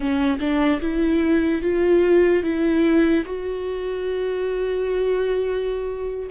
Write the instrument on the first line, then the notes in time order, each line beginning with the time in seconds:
viola
0.00 C#4
0.39 D4
0.81 E4
1.62 F4
2.43 E4
3.25 F#4